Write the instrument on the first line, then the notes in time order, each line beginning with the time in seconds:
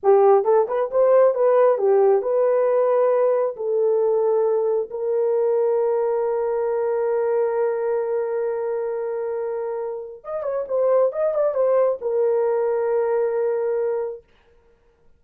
horn
0.03 G4
0.44 A4
0.68 B4
0.91 C5
1.34 B4
1.78 G4
2.22 B4
3.56 A4
4.90 A#4
10.23 D#5
10.43 C#5
10.68 C5
11.12 D#5
11.34 D5
11.54 C5
12.01 A#4